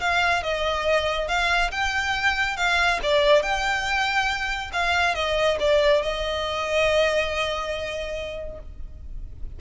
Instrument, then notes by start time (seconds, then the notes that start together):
violin
0.00 F5
0.42 D#5
1.28 F5
1.71 G5
2.57 F5
3.02 D5
3.42 G5
4.72 F5
5.14 D#5
5.59 D5
6.02 D#5